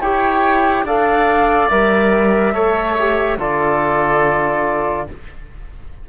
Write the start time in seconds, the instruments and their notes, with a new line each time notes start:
0.00 cello E4, trombone G4, oboe C#5, flute G5
0.83 cello D4, trombone A4, oboe D5, flute F5
1.69 cello G3, trombone A#4, flute E5
2.54 cello A3, trombone A4, oboe C#5
2.99 trombone G4
3.38 cello D3, trombone F4, oboe A4, flute D5